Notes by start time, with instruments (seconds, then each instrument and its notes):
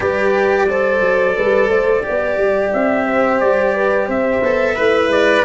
0.00 tuba G3, cello G4, horn B4, trumpet D5
0.68 cello A4, horn C5
1.00 tuba F#3
1.35 tuba G3, horn B4
1.69 tuba A3, horn C5
2.03 tuba B3, cello G4, horn D5
2.37 tuba G3
2.73 tuba C4, trumpet E5
3.07 horn C5
3.39 tuba G3, trumpet D5
3.75 horn B4
4.06 tuba C4, horn C5, trumpet E5
4.43 tuba B3, cello A4
4.76 tuba A3, horn E4, cello B4
5.07 tuba G#3, trumpet D5